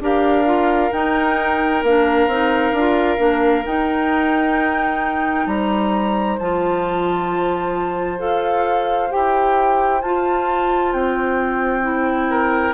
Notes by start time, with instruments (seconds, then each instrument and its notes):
0.00 bassoon D4, clarinet G4, oboe A#4, flute F5
0.45 clarinet F4
0.92 bassoon D#4, clarinet D#4, flute G5
1.83 bassoon A#3, clarinet D4, flute F5
2.27 bassoon C4, clarinet D#4
2.72 bassoon D4, clarinet F4
3.17 bassoon A#3, clarinet D4
3.65 clarinet D#4, bassoon D#4, flute G5
5.46 bassoon G3, oboe C5, flute A#5
6.38 bassoon F3, clarinet F4, flute A5
8.18 bassoon F4, clarinet A4, flute F5
9.10 bassoon E4, clarinet G4, flute G5
10.01 bassoon F4, clarinet F4, flute A5
10.92 bassoon C4, flute G5
11.82 clarinet E4
12.30 oboe A#4